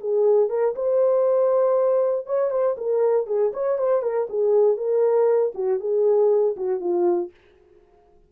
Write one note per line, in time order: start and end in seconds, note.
0.00 0.49 G#4
0.49 0.74 A#4
0.75 2.26 C5
2.26 2.50 C#5
2.50 2.75 C5
2.77 3.26 A#4
3.26 3.52 G#4
3.53 3.78 C#5
3.78 4.02 C5
4.02 4.27 A#4
4.29 4.77 G#4
4.77 5.53 A#4
5.55 5.80 F#4
5.80 6.55 G#4
6.57 6.80 F#4
6.80 7.30 F4